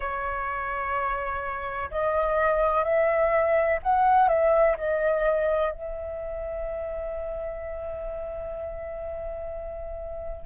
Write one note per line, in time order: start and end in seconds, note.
0.00 1.90 C#5
1.90 2.84 D#5
2.84 3.79 E5
3.83 4.28 F#5
4.28 4.76 E5
4.77 5.71 D#5
5.71 10.45 E5